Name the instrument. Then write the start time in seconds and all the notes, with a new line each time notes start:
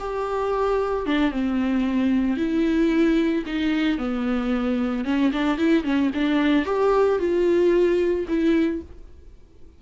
viola
0.00 G4
1.06 D4
1.32 C4
2.37 E4
3.47 D#4
3.98 B3
5.05 C#4
5.33 D4
5.58 E4
5.84 C#4
6.15 D4
6.66 G4
7.20 F4
8.28 E4